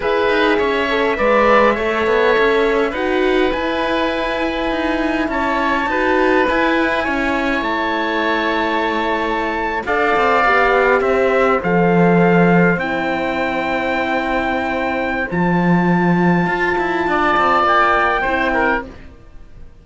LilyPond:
<<
  \new Staff \with { instrumentName = "trumpet" } { \time 4/4 \tempo 4 = 102 e''1~ | e''4 fis''4 gis''2~ | gis''4 a''2 gis''4~ | gis''4 a''2.~ |
a''8. f''2 e''4 f''16~ | f''4.~ f''16 g''2~ g''16~ | g''2 a''2~ | a''2 g''2 | }
  \new Staff \with { instrumentName = "oboe" } { \time 4/4 b'4 cis''4 d''4 cis''4~ | cis''4 b'2.~ | b'4 cis''4 b'2 | cis''1~ |
cis''8. d''2 c''4~ c''16~ | c''1~ | c''1~ | c''4 d''2 c''8 ais'8 | }
  \new Staff \with { instrumentName = "horn" } { \time 4/4 gis'4. a'8 b'4 a'4~ | a'4 fis'4 e'2~ | e'2 fis'4 e'4~ | e'1~ |
e'8. a'4 g'2 a'16~ | a'4.~ a'16 e'2~ e'16~ | e'2 f'2~ | f'2. e'4 | }
  \new Staff \with { instrumentName = "cello" } { \time 4/4 e'8 dis'8 cis'4 gis4 a8 b8 | cis'4 dis'4 e'2 | dis'4 cis'4 dis'4 e'4 | cis'4 a2.~ |
a8. d'8 c'8 b4 c'4 f16~ | f4.~ f16 c'2~ c'16~ | c'2 f2 | f'8 e'8 d'8 c'8 ais4 c'4 | }
>>